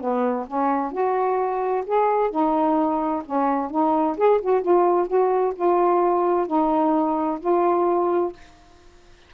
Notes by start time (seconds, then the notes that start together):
0.00 B3
0.47 C#4
0.92 F#4
1.86 G#4
2.30 D#4
3.25 C#4
3.70 D#4
4.17 G#4
4.41 F#4
4.62 F4
5.07 F#4
5.55 F4
6.47 D#4
7.40 F4